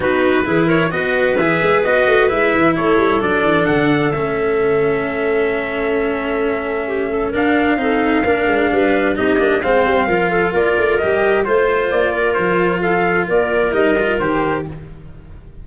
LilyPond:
<<
  \new Staff \with { instrumentName = "trumpet" } { \time 4/4 \tempo 4 = 131 b'4. cis''8 dis''4 e''4 | dis''4 e''4 cis''4 d''4 | fis''4 e''2.~ | e''1 |
f''1 | dis''4 f''2 d''4 | dis''4 c''4 d''4 c''4 | f''4 d''4 dis''4 c''4 | }
  \new Staff \with { instrumentName = "clarinet" } { \time 4/4 fis'4 gis'8 ais'8 b'2~ | b'2 a'2~ | a'1~ | a'2. g'8 a'8 |
ais'4 a'4 ais'4 b'4 | g'4 c''4 ais'8 a'8 ais'4~ | ais'4 c''4. ais'4. | a'4 ais'2. | }
  \new Staff \with { instrumentName = "cello" } { \time 4/4 dis'4 e'4 fis'4 gis'4 | fis'4 e'2 d'4~ | d'4 cis'2.~ | cis'1 |
d'4 dis'4 d'2 | dis'8 d'8 c'4 f'2 | g'4 f'2.~ | f'2 dis'8 f'8 g'4 | }
  \new Staff \with { instrumentName = "tuba" } { \time 4/4 b4 e4 b4 e8 gis8 | b8 a8 gis8 e8 a8 g8 fis8 e8 | d4 a2.~ | a1 |
d'4 c'4 ais8 gis8 g4 | c'8 ais8 gis8 g8 f4 ais8 a8 | g4 a4 ais4 f4~ | f4 ais4 g4 dis4 | }
>>